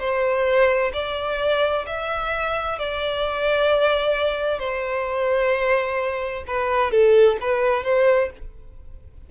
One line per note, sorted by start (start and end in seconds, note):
0.00 0.92 C5
0.94 1.86 D5
1.87 2.79 E5
2.79 4.60 D5
4.60 6.44 C5
6.48 6.92 B4
6.92 7.38 A4
7.41 7.84 B4
7.84 8.30 C5